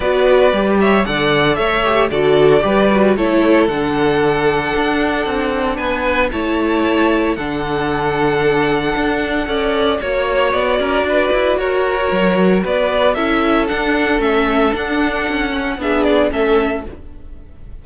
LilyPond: <<
  \new Staff \with { instrumentName = "violin" } { \time 4/4 \tempo 4 = 114 d''4. e''8 fis''4 e''4 | d''2 cis''4 fis''4~ | fis''2. gis''4 | a''2 fis''2~ |
fis''2. cis''4 | d''2 cis''2 | d''4 e''4 fis''4 e''4 | fis''2 e''8 d''8 e''4 | }
  \new Staff \with { instrumentName = "violin" } { \time 4/4 b'4. cis''8 d''4 cis''4 | a'4 b'4 a'2~ | a'2. b'4 | cis''2 a'2~ |
a'2 d''4 cis''4~ | cis''8 ais'8 b'4 ais'2 | b'4 a'2.~ | a'2 gis'4 a'4 | }
  \new Staff \with { instrumentName = "viola" } { \time 4/4 fis'4 g'4 a'4. g'8 | fis'4 g'8 fis'8 e'4 d'4~ | d'1 | e'2 d'2~ |
d'2 a'4 fis'4~ | fis'1~ | fis'4 e'4 d'4 cis'4 | d'4. cis'8 d'4 cis'4 | }
  \new Staff \with { instrumentName = "cello" } { \time 4/4 b4 g4 d4 a4 | d4 g4 a4 d4~ | d4 d'4 c'4 b4 | a2 d2~ |
d4 d'4 cis'4 ais4 | b8 cis'8 d'8 e'8 fis'4 fis4 | b4 cis'4 d'4 a4 | d'4 cis'4 b4 a4 | }
>>